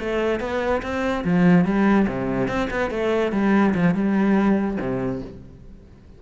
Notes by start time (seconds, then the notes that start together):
0.00 A3
0.41 B3
0.83 C4
1.25 F3
1.66 G3
2.08 C3
2.48 C4
2.71 B3
2.91 A3
3.33 G3
3.75 F3
3.95 G3
4.80 C3